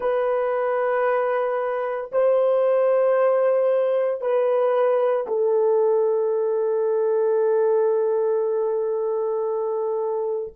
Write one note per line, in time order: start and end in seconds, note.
0.00 2.10 B4
2.11 4.21 C5
4.21 5.26 B4
5.27 10.53 A4